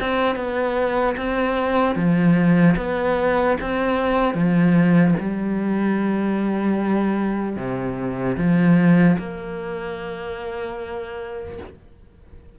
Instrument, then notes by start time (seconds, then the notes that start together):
cello
0.00 C4
0.36 B3
1.17 C4
1.96 F3
2.77 B3
3.61 C4
4.35 F3
5.20 G3
7.56 C3
8.37 F3
9.18 A#3